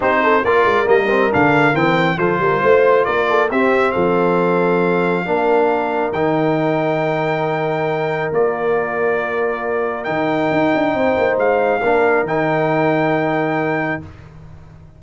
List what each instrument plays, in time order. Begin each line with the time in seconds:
0.00 tuba C4, trombone D#4, horn G4, trumpet C5
0.23 horn A4
0.44 tuba A#3, trombone F4, horn A#4, trumpet D5
0.64 tuba G#3
0.86 tuba G3, trombone A#3, trumpet D#5
1.09 trombone C4
1.30 tuba D3, trombone D4, trumpet F5
1.73 tuba E3, trombone C4, trumpet G5
2.17 tuba F3, trombone F4, horn A4, trumpet C5
2.39 tuba G3, horn A#4
2.62 tuba A3, horn C5
3.05 tuba A#3, horn A#4, trumpet D5
3.29 horn A4
3.50 tuba C4, trombone C4, horn G4, trumpet E5
3.91 tuba F3, horn A4, trumpet F5
5.25 tuba A#3, trombone D4, horn A#4
6.12 tuba D#3, trombone D#4, trumpet G5
8.32 tuba A#3, trombone F4, trumpet D5
10.04 tuba D#3, trombone D#4, trumpet G5
10.50 tuba D#4
10.74 tuba D4
10.94 tuba C4, horn C5
11.17 tuba A#3
11.37 tuba G#3, trumpet F5
11.81 tuba A#3, trombone D4, horn A#4
12.23 tuba D#3, trombone D#4, trumpet G5